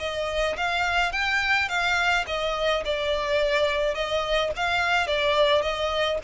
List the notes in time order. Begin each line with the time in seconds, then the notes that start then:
0.00 D#5
0.58 F5
1.12 G5
1.69 F5
2.28 D#5
2.85 D5
3.95 D#5
4.56 F5
5.08 D5
5.62 D#5